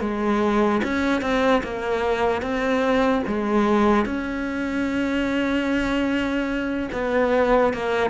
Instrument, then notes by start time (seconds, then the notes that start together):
cello
0.00 G#3
0.83 C#4
1.21 C4
1.63 A#3
2.41 C4
3.27 G#3
4.05 C#4
6.92 B3
7.73 A#3